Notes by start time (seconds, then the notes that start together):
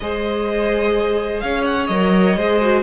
0.00 G#3 G#4 C5 D#5
1.40 C#4 C#5 F5
1.64 F#5
1.86 F#3 A#4 D#5
2.36 G#3 G#4 C5
2.61 F#4